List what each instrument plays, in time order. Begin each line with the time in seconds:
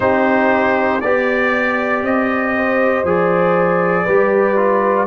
0.00 tuba C4, trombone D#4, horn G4, trumpet C5
1.00 tuba B3, trombone G4, trumpet D5, horn D5
2.02 tuba C4, trumpet D#5
2.56 horn C5
3.04 tuba F3, trombone G#4, trumpet D5
4.04 tuba G3, trombone G4, horn B4
4.56 trombone F4